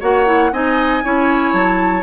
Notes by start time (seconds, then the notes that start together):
0.00 A#3 F#4 C#5 F#5
0.26 E4
0.52 C4 D#4 D#5 G#5
1.04 C#4 E4 C#5
1.53 F#3 A5